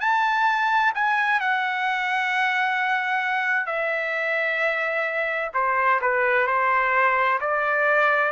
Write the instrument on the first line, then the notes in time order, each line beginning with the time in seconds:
trumpet
0.00 A5
0.94 G#5
1.40 F#5
3.66 E5
5.53 C5
6.01 B4
6.47 C5
7.40 D5